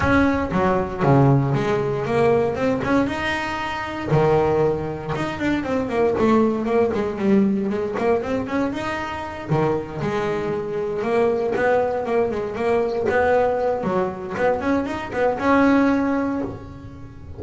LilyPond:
\new Staff \with { instrumentName = "double bass" } { \time 4/4 \tempo 4 = 117 cis'4 fis4 cis4 gis4 | ais4 c'8 cis'8 dis'2 | dis2 dis'8 d'8 c'8 ais8 | a4 ais8 gis8 g4 gis8 ais8 |
c'8 cis'8 dis'4. dis4 gis8~ | gis4. ais4 b4 ais8 | gis8 ais4 b4. fis4 | b8 cis'8 dis'8 b8 cis'2 | }